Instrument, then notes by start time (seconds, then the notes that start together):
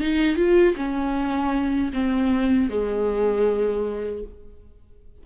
viola
0.00 D#4
0.36 F4
0.76 C#4
1.93 C4
2.70 G#3